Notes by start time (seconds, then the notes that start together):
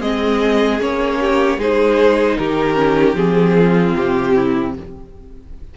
0.00 G#3 C4 G#4 D#5
0.79 A#3 C#4 C#5
1.20 G4
1.57 G#3 D#4 G#4 C5
2.37 D#3 G4 A#4
2.74 C#4
3.14 F3 C4 G#4
3.57 F4
3.94 C3 G4
4.35 E4